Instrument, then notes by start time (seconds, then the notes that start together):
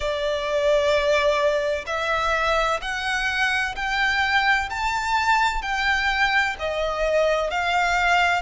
violin
0.00 D5
1.86 E5
2.81 F#5
3.75 G5
4.70 A5
5.62 G5
6.59 D#5
7.50 F5